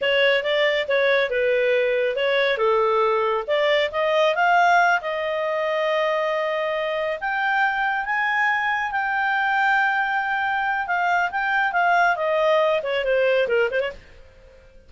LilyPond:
\new Staff \with { instrumentName = "clarinet" } { \time 4/4 \tempo 4 = 138 cis''4 d''4 cis''4 b'4~ | b'4 cis''4 a'2 | d''4 dis''4 f''4. dis''8~ | dis''1~ |
dis''8 g''2 gis''4.~ | gis''8 g''2.~ g''8~ | g''4 f''4 g''4 f''4 | dis''4. cis''8 c''4 ais'8 c''16 cis''16 | }